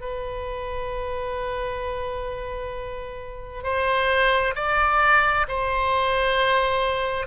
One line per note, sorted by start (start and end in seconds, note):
0.00 3.63 B4
3.63 4.54 C5
4.55 5.46 D5
5.48 7.27 C5